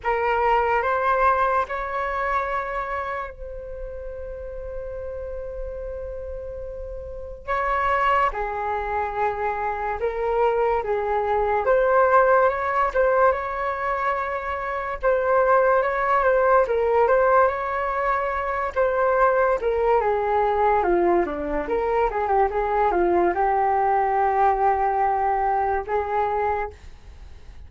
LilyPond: \new Staff \with { instrumentName = "flute" } { \time 4/4 \tempo 4 = 72 ais'4 c''4 cis''2 | c''1~ | c''4 cis''4 gis'2 | ais'4 gis'4 c''4 cis''8 c''8 |
cis''2 c''4 cis''8 c''8 | ais'8 c''8 cis''4. c''4 ais'8 | gis'4 f'8 d'8 ais'8 gis'16 g'16 gis'8 f'8 | g'2. gis'4 | }